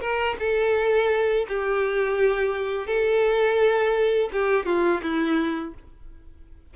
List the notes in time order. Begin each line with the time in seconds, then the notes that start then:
0.00 A#4
0.39 A4
1.48 G4
2.86 A4
4.32 G4
4.65 F4
5.02 E4